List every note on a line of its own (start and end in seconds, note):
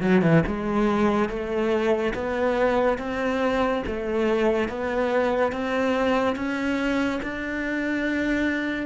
0.00 0.22 F#3
0.22 0.43 E3
0.46 1.29 G#3
1.29 2.13 A3
2.14 2.98 B3
2.98 3.83 C4
3.86 4.68 A3
4.68 5.52 B3
5.52 6.35 C4
6.35 7.20 C#4
7.22 8.86 D4